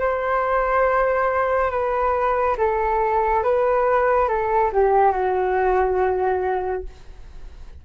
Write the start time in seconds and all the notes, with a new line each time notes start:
0.00 C5
1.71 B4
2.58 A4
3.44 B4
4.29 A4
4.73 G4
5.12 F#4